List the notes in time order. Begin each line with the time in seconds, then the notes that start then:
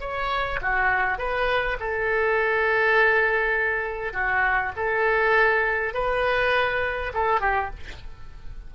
0.00 C#5
0.61 F#4
1.18 B4
1.80 A4
4.13 F#4
4.76 A4
5.94 B4
7.13 A4
7.40 G4